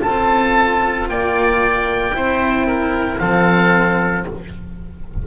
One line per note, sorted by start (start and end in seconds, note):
0.00 1.09 C4
0.00 2.11 F4
0.00 1.09 A4
0.00 1.08 A5
1.09 2.14 A#3
1.09 2.16 D5
1.09 3.19 G5
2.14 3.19 C4
2.14 3.20 E4
2.14 2.67 C5
2.67 3.20 A#4
3.19 4.27 F3
3.19 4.25 C4
3.19 4.27 A4
3.19 4.25 F5